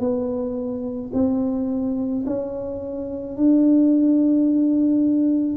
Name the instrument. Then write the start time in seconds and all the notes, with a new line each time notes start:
tuba
0.00 B3
1.14 C4
2.27 C#4
3.37 D4